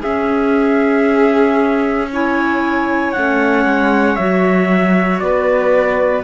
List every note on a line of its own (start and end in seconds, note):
0.00 2.10 C#4
0.00 3.14 C#4
0.00 2.07 G#4
0.00 2.09 E5
2.12 3.15 E4
2.12 5.23 C#5
2.12 3.12 G#5
3.12 3.65 A3
3.12 4.17 C#4
3.12 4.16 F#5
3.65 4.17 G#3
4.16 5.21 F#3
4.16 6.24 F#4
4.16 5.19 E5
5.19 6.24 B3
5.19 6.24 B4
5.19 6.23 D5